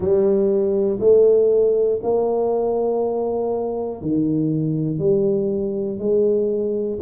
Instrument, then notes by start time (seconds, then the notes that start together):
tuba
0.00 G3
1.00 A3
2.02 A#3
4.01 D#3
4.99 G3
5.98 G#3